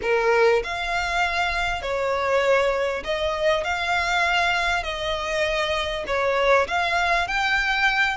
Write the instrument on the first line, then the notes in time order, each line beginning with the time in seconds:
violin
0.02 A#4
0.63 F5
1.82 C#5
3.04 D#5
3.64 F5
4.83 D#5
6.06 C#5
6.67 F5
7.27 G5